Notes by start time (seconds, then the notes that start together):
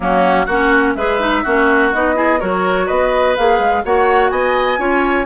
0.00 F#3 A#3 C#4 F#4
0.45 A#3 C#4 F#4 F#5
0.94 G#3 G#4 B4 E5
1.20 D#4
1.43 A#3 C#4 F#4
1.92 B3 D#4 D#5
2.15 E4 G#4
2.39 F#3 F#4 A#4 C#5
2.86 B3 B4 D#5
3.35 A#3 G#4 F5
3.59 G#3
3.84 A#3 F#4 C#5 F#5
4.29 B3 D#5 G#5
4.77 C#4 F4 C#5